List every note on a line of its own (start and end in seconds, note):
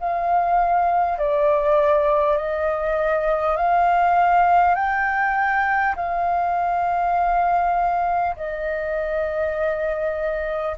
0.00 1.18 F5
1.18 2.37 D5
2.37 3.56 D#5
3.56 4.75 F5
4.75 5.95 G5
5.96 8.36 F5
8.36 10.76 D#5